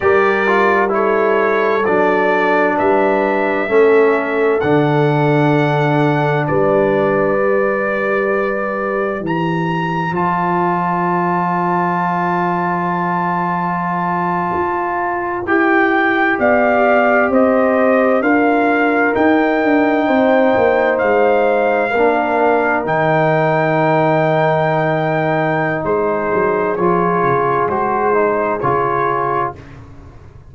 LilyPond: <<
  \new Staff \with { instrumentName = "trumpet" } { \time 4/4 \tempo 4 = 65 d''4 cis''4 d''4 e''4~ | e''4 fis''2 d''4~ | d''2 ais''4 a''4~ | a''1~ |
a''8. g''4 f''4 dis''4 f''16~ | f''8. g''2 f''4~ f''16~ | f''8. g''2.~ g''16 | c''4 cis''4 c''4 cis''4 | }
  \new Staff \with { instrumentName = "horn" } { \time 4/4 ais'4 a'2 b'4 | a'2. b'4~ | b'2 c''2~ | c''1~ |
c''4.~ c''16 d''4 c''4 ais'16~ | ais'4.~ ais'16 c''2 ais'16~ | ais'1 | gis'1 | }
  \new Staff \with { instrumentName = "trombone" } { \time 4/4 g'8 f'8 e'4 d'2 | cis'4 d'2. | g'2. f'4~ | f'1~ |
f'8. g'2. f'16~ | f'8. dis'2. d'16~ | d'8. dis'2.~ dis'16~ | dis'4 f'4 fis'8 dis'8 f'4 | }
  \new Staff \with { instrumentName = "tuba" } { \time 4/4 g2 fis4 g4 | a4 d2 g4~ | g2 e4 f4~ | f2.~ f8. f'16~ |
f'8. e'4 b4 c'4 d'16~ | d'8. dis'8 d'8 c'8 ais8 gis4 ais16~ | ais8. dis2.~ dis16 | gis8 fis8 f8 cis8 gis4 cis4 | }
>>